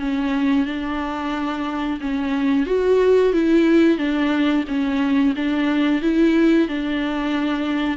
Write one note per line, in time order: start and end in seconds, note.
0.00 0.66 C#4
0.66 2.00 D4
2.01 2.67 C#4
2.67 3.34 F#4
3.34 3.98 E4
3.98 4.65 D4
4.68 5.35 C#4
5.36 6.02 D4
6.02 6.69 E4
6.69 7.98 D4